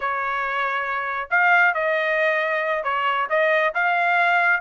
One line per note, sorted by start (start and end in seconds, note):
0.00 1.29 C#5
1.30 1.74 F5
1.74 2.83 D#5
2.83 3.27 C#5
3.29 3.73 D#5
3.74 4.60 F5